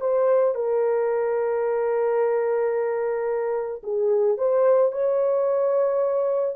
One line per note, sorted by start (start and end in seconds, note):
0.00 0.55 C5
0.55 3.82 A#4
3.83 4.37 G#4
4.37 4.91 C5
4.91 6.55 C#5